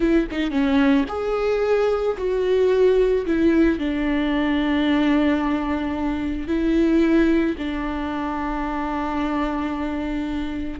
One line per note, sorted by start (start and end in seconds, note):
0.00 0.27 E4
0.31 0.50 D#4
0.50 1.04 C#4
1.08 2.16 G#4
2.17 3.25 F#4
3.26 3.78 E4
3.78 6.47 D4
6.47 7.55 E4
7.58 10.80 D4